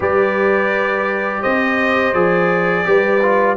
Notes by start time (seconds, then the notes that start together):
0.00 G3 G4 B4 D5
1.41 C4 C5 D#5
2.13 F3 G#4 D5
2.85 G3 G4 B4
3.22 F4